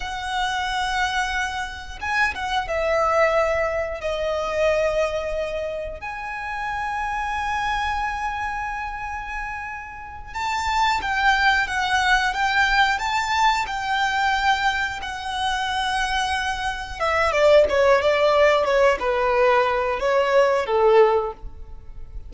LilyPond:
\new Staff \with { instrumentName = "violin" } { \time 4/4 \tempo 4 = 90 fis''2. gis''8 fis''8 | e''2 dis''2~ | dis''4 gis''2.~ | gis''2.~ gis''8 a''8~ |
a''8 g''4 fis''4 g''4 a''8~ | a''8 g''2 fis''4.~ | fis''4. e''8 d''8 cis''8 d''4 | cis''8 b'4. cis''4 a'4 | }